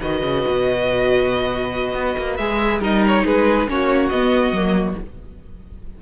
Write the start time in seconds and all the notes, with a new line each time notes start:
0.00 D#3 F#4 B4 D#5
0.23 C#3
0.47 B2
1.94 B3
2.18 A#3
2.37 G#3 G#4 E5
2.80 G3 D#4 A#4 D#5
3.07 C#5
3.25 G#3 G#4 B4
3.68 A#3 C#4 F#4 C#5
4.09 B3 D#5
4.51 F#3 A#3